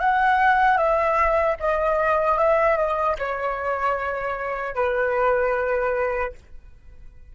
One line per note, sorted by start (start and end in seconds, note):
0.00 0.77 F#5
0.77 1.56 E5
1.60 2.38 D#5
2.38 2.77 E5
2.77 3.16 D#5
3.19 4.75 C#5
4.75 6.33 B4